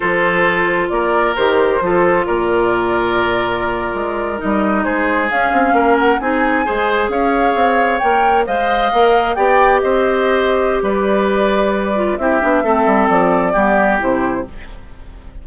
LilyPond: <<
  \new Staff \with { instrumentName = "flute" } { \time 4/4 \tempo 4 = 133 c''2 d''4 c''4~ | c''4 d''2.~ | d''4.~ d''16 dis''4 c''4 f''16~ | f''4~ f''16 fis''8 gis''2 f''16~ |
f''4.~ f''16 g''4 f''4~ f''16~ | f''8. g''4 dis''2~ dis''16 | d''2. e''4~ | e''4 d''2 c''4 | }
  \new Staff \with { instrumentName = "oboe" } { \time 4/4 a'2 ais'2 | a'4 ais'2.~ | ais'2~ ais'8. gis'4~ gis'16~ | gis'8. ais'4 gis'4 c''4 cis''16~ |
cis''2~ cis''8. dis''4~ dis''16~ | dis''8. d''4 c''2~ c''16 | b'2. g'4 | a'2 g'2 | }
  \new Staff \with { instrumentName = "clarinet" } { \time 4/4 f'2. g'4 | f'1~ | f'4.~ f'16 dis'2 cis'16~ | cis'4.~ cis'16 dis'4 gis'4~ gis'16~ |
gis'4.~ gis'16 ais'4 c''4 ais'16~ | ais'8. g'2.~ g'16~ | g'2~ g'8 f'8 e'8 d'8 | c'2 b4 e'4 | }
  \new Staff \with { instrumentName = "bassoon" } { \time 4/4 f2 ais4 dis4 | f4 ais,2.~ | ais,8. gis4 g4 gis4 cis'16~ | cis'16 c'8 ais4 c'4 gis4 cis'16~ |
cis'8. c'4 ais4 gis4 ais16~ | ais8. b4 c'2~ c'16 | g2. c'8 b8 | a8 g8 f4 g4 c4 | }
>>